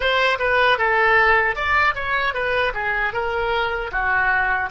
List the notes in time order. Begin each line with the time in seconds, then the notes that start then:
0.00 C5
0.39 B4
0.78 A4
1.55 D5
1.94 C#5
2.34 B4
2.74 G#4
3.13 A#4
3.91 F#4